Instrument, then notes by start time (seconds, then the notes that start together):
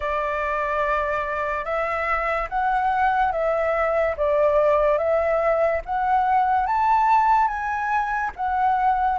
flute
0.00 D5
1.64 E5
2.49 F#5
3.31 E5
4.17 D5
4.98 E5
5.85 F#5
6.66 A5
7.47 G#5
8.36 F#5